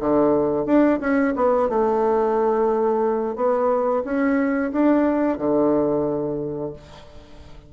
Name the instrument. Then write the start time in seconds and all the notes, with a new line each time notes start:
bassoon
0.00 D3
0.66 D4
1.01 C#4
1.36 B3
1.69 A3
3.36 B3
4.05 C#4
4.73 D4
5.38 D3